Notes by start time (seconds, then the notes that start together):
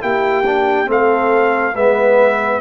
0.00 A#3 E4 G4 G5
0.46 D4
0.86 A3 C4 A4 F5
1.74 G#3 B3 B4 E5